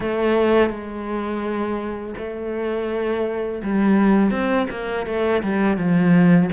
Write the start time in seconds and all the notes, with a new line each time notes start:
0.00 A3
0.69 G#3
2.17 A3
3.63 G3
4.30 C4
4.70 A#3
5.06 A3
5.42 G3
5.77 F3